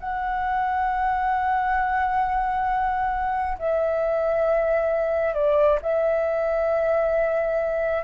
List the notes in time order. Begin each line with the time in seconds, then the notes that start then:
0.00 F#5
3.59 E5
5.34 D5
5.82 E5